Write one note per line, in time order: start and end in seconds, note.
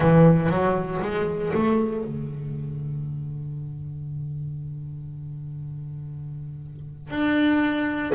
0.00 0.49 E3
0.49 1.00 F#3
1.01 1.52 G#3
1.53 2.03 A3
2.03 7.10 D3
7.10 8.12 D4